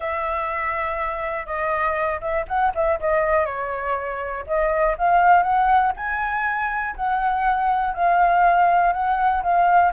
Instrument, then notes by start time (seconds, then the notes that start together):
flute
0.00 E5
1.46 D#5
2.20 E5
2.47 F#5
2.75 E5
3.00 D#5
3.45 C#5
4.47 D#5
4.97 F5
5.43 F#5
5.96 G#5
6.96 F#5
7.94 F5
8.92 F#5
9.43 F5